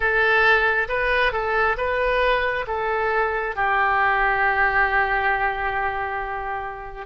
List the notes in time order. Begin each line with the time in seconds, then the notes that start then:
0.00 A4
0.88 B4
1.32 A4
1.77 B4
2.67 A4
3.55 G4